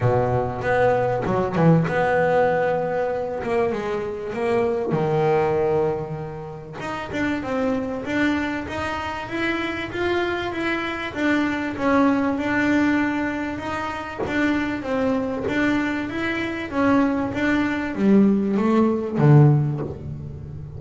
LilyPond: \new Staff \with { instrumentName = "double bass" } { \time 4/4 \tempo 4 = 97 b,4 b4 fis8 e8 b4~ | b4. ais8 gis4 ais4 | dis2. dis'8 d'8 | c'4 d'4 dis'4 e'4 |
f'4 e'4 d'4 cis'4 | d'2 dis'4 d'4 | c'4 d'4 e'4 cis'4 | d'4 g4 a4 d4 | }